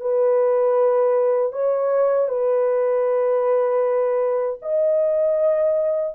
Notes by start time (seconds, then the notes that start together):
0.00 B4
1.52 C#5
2.28 B4
4.62 D#5